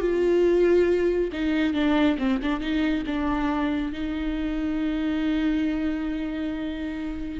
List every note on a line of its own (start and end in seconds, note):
0.00 1.30 F4
1.32 1.73 D#4
1.73 2.17 D4
2.18 2.40 C4
2.42 2.60 D4
2.60 3.04 D#4
3.06 3.92 D4
3.92 7.40 D#4